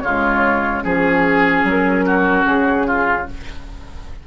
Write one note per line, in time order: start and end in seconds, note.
0.00 0.84 C#3
0.00 0.83 G#3
0.00 0.83 F4
0.00 0.81 C#5
0.83 1.64 F3
0.83 3.27 C#4
0.83 2.05 G#4
0.83 1.67 G#4
1.64 2.45 F#3
1.64 2.46 A#4
2.06 2.87 F#4
2.46 3.27 C#3
2.46 3.27 G#4
2.87 3.27 F4